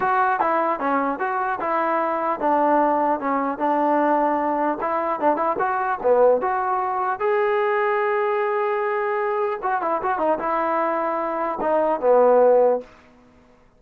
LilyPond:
\new Staff \with { instrumentName = "trombone" } { \time 4/4 \tempo 4 = 150 fis'4 e'4 cis'4 fis'4 | e'2 d'2 | cis'4 d'2. | e'4 d'8 e'8 fis'4 b4 |
fis'2 gis'2~ | gis'1 | fis'8 e'8 fis'8 dis'8 e'2~ | e'4 dis'4 b2 | }